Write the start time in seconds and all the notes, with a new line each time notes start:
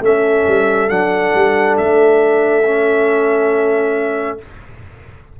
0.00 A3 C#4 A4 E5
0.47 G3
0.89 F#3 D4 F#5
1.34 G3
1.77 A3 E5
2.64 C#4